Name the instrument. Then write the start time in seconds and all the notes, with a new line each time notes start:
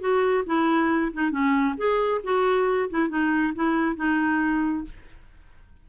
clarinet
0.00 F#4
0.46 E4
1.14 D#4
1.31 C#4
1.77 G#4
2.24 F#4
2.90 E4
3.09 D#4
3.55 E4
3.96 D#4